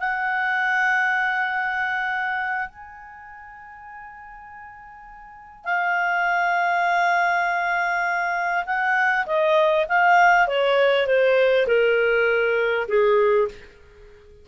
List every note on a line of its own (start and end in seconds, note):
0.00 2.69 F#5
2.69 5.65 G#5
5.65 8.65 F5
8.66 9.26 F#5
9.26 9.86 D#5
9.89 10.48 F5
10.48 11.07 C#5
11.07 11.67 C5
11.67 12.87 A#4
12.89 13.49 G#4